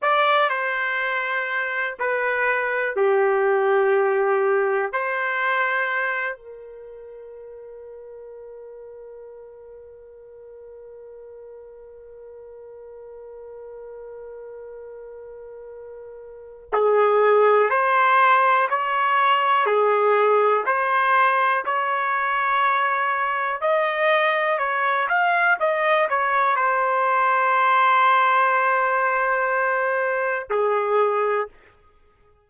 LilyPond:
\new Staff \with { instrumentName = "trumpet" } { \time 4/4 \tempo 4 = 61 d''8 c''4. b'4 g'4~ | g'4 c''4. ais'4.~ | ais'1~ | ais'1~ |
ais'4 gis'4 c''4 cis''4 | gis'4 c''4 cis''2 | dis''4 cis''8 f''8 dis''8 cis''8 c''4~ | c''2. gis'4 | }